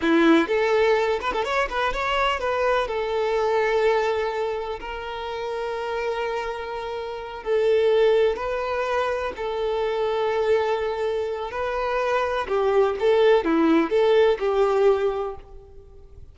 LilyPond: \new Staff \with { instrumentName = "violin" } { \time 4/4 \tempo 4 = 125 e'4 a'4. b'16 a'16 cis''8 b'8 | cis''4 b'4 a'2~ | a'2 ais'2~ | ais'2.~ ais'8 a'8~ |
a'4. b'2 a'8~ | a'1 | b'2 g'4 a'4 | e'4 a'4 g'2 | }